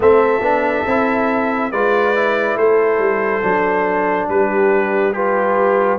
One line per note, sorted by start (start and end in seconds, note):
0.00 0.40 A3
0.00 0.40 C4
0.00 1.72 A4
0.00 1.71 E5
0.40 0.83 B3
0.40 0.86 D4
0.86 1.71 C4
0.86 1.72 E4
1.71 2.55 G#3
1.71 2.15 F4
1.71 2.57 B4
1.71 2.57 D5
2.15 3.42 E4
2.55 2.98 A3
2.55 4.29 A4
2.55 4.29 C5
2.99 3.41 G3
3.42 4.28 F#3
3.42 5.14 D4
4.28 5.98 G3
4.28 5.14 G4
4.28 5.12 B4
5.12 5.98 F4
5.12 5.98 G4
5.12 5.98 B4